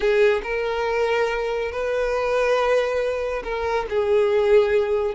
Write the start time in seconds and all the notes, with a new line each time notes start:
0.00 G#4
0.43 A#4
1.71 B4
3.43 A#4
3.89 G#4